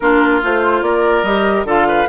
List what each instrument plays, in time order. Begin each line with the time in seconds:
0.00 bassoon A#3, clarinet D4, oboe F4, flute A#4
0.42 bassoon A3, clarinet F4, flute C5
0.81 bassoon A#3, oboe A#4, flute D5
1.23 bassoon G3, clarinet G4, flute D#5
1.64 bassoon D3, clarinet F4, oboe A4, flute F5
1.88 oboe B4